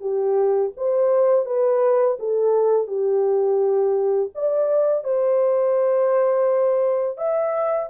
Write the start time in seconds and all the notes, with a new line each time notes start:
0.00 G4
0.76 C5
1.45 B4
2.19 A4
2.87 G4
4.34 D5
5.04 C5
7.17 E5